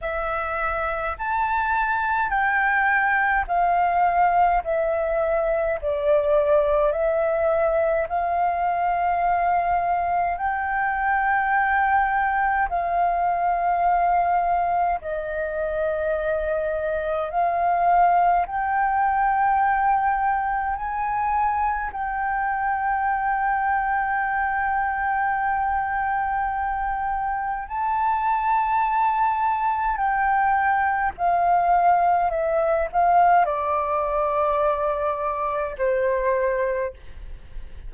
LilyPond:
\new Staff \with { instrumentName = "flute" } { \time 4/4 \tempo 4 = 52 e''4 a''4 g''4 f''4 | e''4 d''4 e''4 f''4~ | f''4 g''2 f''4~ | f''4 dis''2 f''4 |
g''2 gis''4 g''4~ | g''1 | a''2 g''4 f''4 | e''8 f''8 d''2 c''4 | }